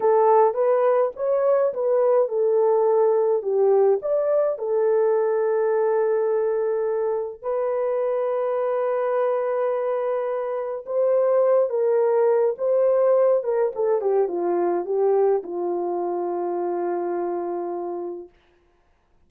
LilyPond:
\new Staff \with { instrumentName = "horn" } { \time 4/4 \tempo 4 = 105 a'4 b'4 cis''4 b'4 | a'2 g'4 d''4 | a'1~ | a'4 b'2.~ |
b'2. c''4~ | c''8 ais'4. c''4. ais'8 | a'8 g'8 f'4 g'4 f'4~ | f'1 | }